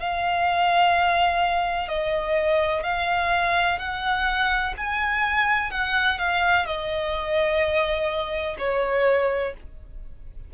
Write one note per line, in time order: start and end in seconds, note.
0.00 1.89 F5
1.89 2.84 D#5
2.84 3.79 F5
3.79 4.74 F#5
4.77 5.71 G#5
5.71 6.19 F#5
6.19 6.66 F5
6.66 8.57 D#5
8.59 9.54 C#5